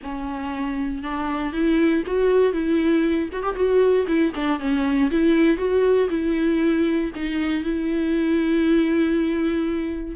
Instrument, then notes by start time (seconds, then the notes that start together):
viola
0.02 C#4
1.03 D4
1.53 E4
2.06 F#4
2.53 E4
3.32 F#4
3.43 G4
3.55 F#4
4.07 E4
4.35 D4
4.59 C#4
5.11 E4
5.57 F#4
6.09 E4
7.15 D#4
7.63 E4